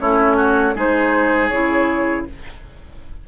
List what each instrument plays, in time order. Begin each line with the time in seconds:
0.00 bassoon A3, clarinet C#4, oboe E4, flute C#5
0.37 oboe F#4
0.75 bassoon G#3, clarinet D#4, oboe G#4, flute C5
1.49 bassoon C#3, clarinet E4, flute C#5